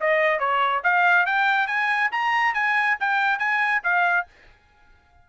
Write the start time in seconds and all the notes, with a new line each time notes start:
0.00 D#5
0.39 C#5
0.83 F5
1.26 G5
1.67 G#5
2.12 A#5
2.53 G#5
2.99 G5
3.38 G#5
3.83 F5